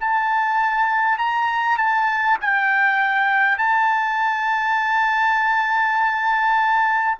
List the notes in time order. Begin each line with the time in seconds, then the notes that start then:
0.00 A5
1.18 A#5
1.78 A5
2.41 G5
3.58 A5